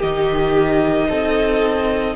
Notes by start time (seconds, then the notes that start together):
0.00 D#3 D#4 G4 D#5
1.09 C4 A4